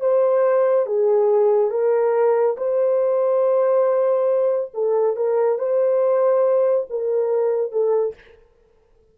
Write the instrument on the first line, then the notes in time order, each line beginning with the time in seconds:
horn
0.00 C5
0.86 G#4
1.70 A#4
2.57 C5
4.73 A4
5.16 A#4
5.58 C5
6.90 A#4
7.71 A4